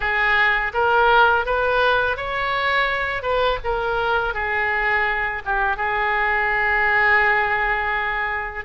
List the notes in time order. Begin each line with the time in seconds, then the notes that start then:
0.00 G#4
0.73 A#4
1.45 B4
2.17 C#5
3.22 B4
3.63 A#4
4.34 G#4
5.45 G4
5.76 G#4